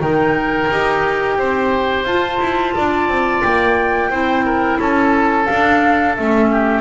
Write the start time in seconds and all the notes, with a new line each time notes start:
0.00 D#3 D#4 A#4 G5
0.70 D#4 G4
1.37 C4 C5
2.04 F4 A5
2.40 E4
2.75 D4 D5
3.07 C4
3.42 A#3 G5
4.09 C4 E4 C5
4.45 A#4
4.79 C#4 A4 A5
5.45 D4 F5
6.15 A3 C#4 E5
6.51 G4